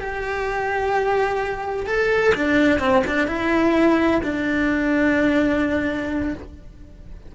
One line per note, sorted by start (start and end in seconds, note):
0.00 1.86 G4
1.86 2.33 A4
2.34 2.79 D4
2.79 3.03 C4
3.07 3.27 D4
3.27 4.21 E4
4.23 6.34 D4